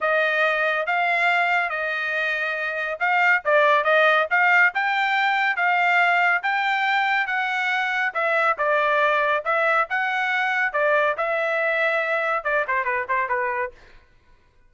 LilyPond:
\new Staff \with { instrumentName = "trumpet" } { \time 4/4 \tempo 4 = 140 dis''2 f''2 | dis''2. f''4 | d''4 dis''4 f''4 g''4~ | g''4 f''2 g''4~ |
g''4 fis''2 e''4 | d''2 e''4 fis''4~ | fis''4 d''4 e''2~ | e''4 d''8 c''8 b'8 c''8 b'4 | }